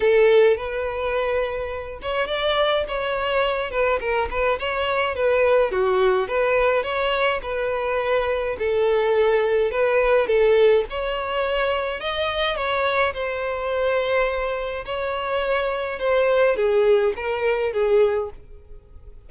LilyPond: \new Staff \with { instrumentName = "violin" } { \time 4/4 \tempo 4 = 105 a'4 b'2~ b'8 cis''8 | d''4 cis''4. b'8 ais'8 b'8 | cis''4 b'4 fis'4 b'4 | cis''4 b'2 a'4~ |
a'4 b'4 a'4 cis''4~ | cis''4 dis''4 cis''4 c''4~ | c''2 cis''2 | c''4 gis'4 ais'4 gis'4 | }